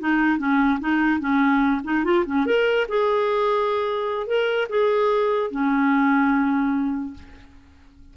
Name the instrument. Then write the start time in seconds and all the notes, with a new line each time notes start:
clarinet
0.00 D#4
0.39 C#4
0.80 D#4
1.20 C#4
1.84 D#4
2.05 F4
2.26 C#4
2.46 A#4
2.89 G#4
4.27 A#4
4.69 G#4
5.51 C#4